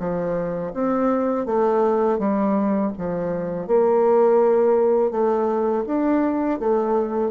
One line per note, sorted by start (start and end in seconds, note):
0.00 0.73 F3
0.75 1.46 C4
1.46 2.19 A3
2.19 2.92 G3
2.98 3.68 F3
3.68 5.12 A#3
5.12 5.85 A3
5.87 6.60 D4
6.60 7.32 A3